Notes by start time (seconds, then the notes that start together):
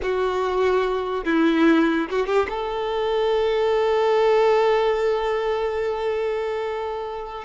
0.02 F#4
1.25 E4
2.10 F#4
2.26 G4
2.49 A4